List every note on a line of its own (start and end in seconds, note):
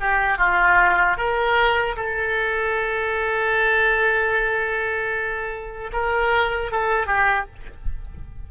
0.00 0.38 G4
0.38 1.17 F4
1.17 1.96 A#4
1.96 5.91 A4
5.92 6.71 A#4
6.71 7.07 A4
7.07 7.46 G4